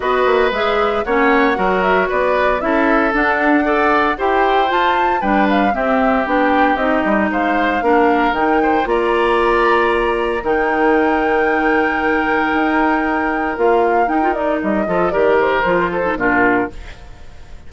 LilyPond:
<<
  \new Staff \with { instrumentName = "flute" } { \time 4/4 \tempo 4 = 115 dis''4 e''4 fis''4. e''8 | d''4 e''4 fis''2 | g''4 a''4 g''8 f''8 e''4 | g''4 dis''4 f''2 |
g''4 ais''2. | g''1~ | g''2 f''4 g''8 d''8 | dis''4 d''8 c''4. ais'4 | }
  \new Staff \with { instrumentName = "oboe" } { \time 4/4 b'2 cis''4 ais'4 | b'4 a'2 d''4 | c''2 b'4 g'4~ | g'2 c''4 ais'4~ |
ais'8 c''8 d''2. | ais'1~ | ais'1~ | ais'8 a'8 ais'4. a'8 f'4 | }
  \new Staff \with { instrumentName = "clarinet" } { \time 4/4 fis'4 gis'4 cis'4 fis'4~ | fis'4 e'4 d'4 a'4 | g'4 f'4 d'4 c'4 | d'4 dis'2 d'4 |
dis'4 f'2. | dis'1~ | dis'2 f'4 dis'16 f'16 dis'8~ | dis'8 f'8 g'4 f'8. dis'16 d'4 | }
  \new Staff \with { instrumentName = "bassoon" } { \time 4/4 b8 ais8 gis4 ais4 fis4 | b4 cis'4 d'2 | e'4 f'4 g4 c'4 | b4 c'8 g8 gis4 ais4 |
dis4 ais2. | dis1 | dis'2 ais4 dis'4 | g8 f8 dis4 f4 ais,4 | }
>>